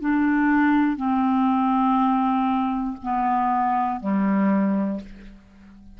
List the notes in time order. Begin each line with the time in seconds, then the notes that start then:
0.00 D4
0.96 C4
3.02 B3
4.00 G3